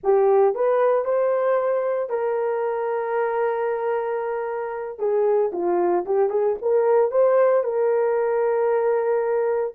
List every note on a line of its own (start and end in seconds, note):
0.03 0.55 G4
0.55 1.04 B4
1.04 2.09 C5
2.09 4.98 A#4
4.98 5.51 G#4
5.52 6.05 F4
6.05 6.29 G4
6.29 6.56 G#4
6.61 7.11 A#4
7.11 7.63 C5
7.63 9.74 A#4